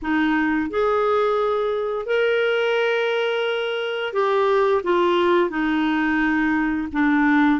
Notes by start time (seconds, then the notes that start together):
0.02 D#4
0.70 G#4
2.06 A#4
4.13 G4
4.83 F4
5.50 D#4
6.92 D4